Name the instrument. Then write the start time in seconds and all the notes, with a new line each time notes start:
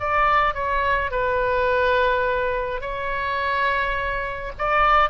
oboe
0.00 D5
0.54 C#5
1.11 B4
2.81 C#5
4.58 D5